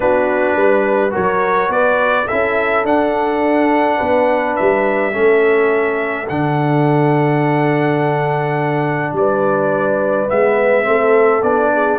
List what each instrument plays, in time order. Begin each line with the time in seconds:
0.00 tuba B3, trombone D4, horn F#4, trumpet B4
0.56 tuba G3, horn B4
1.10 tuba F#3, trombone F#4, horn A#4, trumpet C#5
1.69 tuba B3, horn B4, trumpet D5
2.26 tuba C#4, trombone E4, horn A4, trumpet E5
2.84 tuba D4, trombone D4, trumpet F#5
3.97 tuba B3, horn B4
4.55 tuba G3, trumpet E5
5.11 tuba A3, trombone C#4, horn A4
6.28 tuba D3, trombone D4, trumpet F#5
9.12 tuba G3, horn B4, trumpet D5
10.28 tuba G#3, trombone B3, trumpet E5
10.83 tuba A3, trombone C4, horn A4
11.42 tuba B3, trombone D4, trumpet D5
11.72 horn G#4